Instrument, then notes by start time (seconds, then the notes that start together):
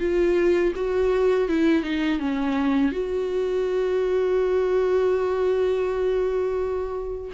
viola
0.00 F4
0.75 F#4
1.48 E4
1.83 D#4
2.20 C#4
2.92 F#4